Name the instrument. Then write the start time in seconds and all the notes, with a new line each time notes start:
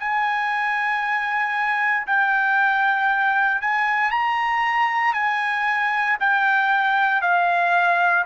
trumpet
0.00 G#5
2.07 G5
3.62 G#5
4.11 A#5
5.14 G#5
6.20 G5
7.22 F5